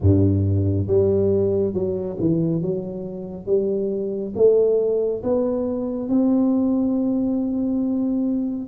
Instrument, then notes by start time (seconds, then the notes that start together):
tuba
0.00 G2
0.87 G3
1.73 F#3
2.19 E3
2.61 F#3
3.46 G3
4.35 A3
5.23 B3
6.08 C4